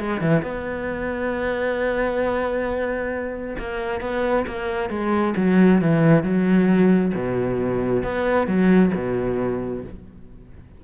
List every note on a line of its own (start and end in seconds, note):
0.00 0.21 G#3
0.21 0.43 E3
0.43 3.56 B3
3.59 4.01 A#3
4.01 4.46 B3
4.47 4.90 A#3
4.90 5.35 G#3
5.37 5.82 F#3
5.82 6.24 E3
6.24 7.13 F#3
7.15 8.04 B2
8.04 8.48 B3
8.48 8.92 F#3
8.95 9.84 B2